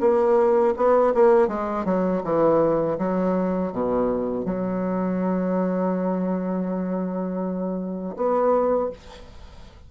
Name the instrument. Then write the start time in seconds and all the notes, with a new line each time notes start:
bassoon
0.00 A#3
0.76 B3
1.14 A#3
1.48 G#3
1.85 F#3
2.24 E3
2.98 F#3
3.72 B2
4.45 F#3
8.16 B3